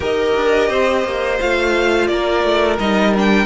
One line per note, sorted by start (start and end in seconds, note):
0.00 0.35 D#4
0.00 1.39 G4
0.00 0.69 A#4
0.00 1.40 D#5
0.35 0.69 D4
0.69 1.04 C4
0.69 2.08 C5
1.04 1.39 A#3
1.39 2.08 A3
1.39 2.79 F4
1.39 2.07 F5
2.07 2.43 A#3
2.07 3.45 A#4
2.07 2.77 D5
2.43 2.78 A3
2.78 3.45 G3
2.78 3.15 D#4
2.78 3.14 D#5
3.16 3.45 D4
3.16 3.45 G5